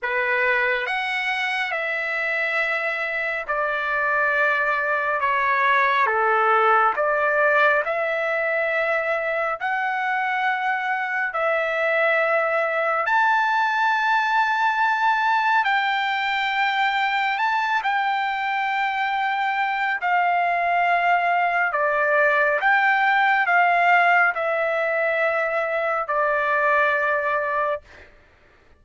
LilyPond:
\new Staff \with { instrumentName = "trumpet" } { \time 4/4 \tempo 4 = 69 b'4 fis''4 e''2 | d''2 cis''4 a'4 | d''4 e''2 fis''4~ | fis''4 e''2 a''4~ |
a''2 g''2 | a''8 g''2~ g''8 f''4~ | f''4 d''4 g''4 f''4 | e''2 d''2 | }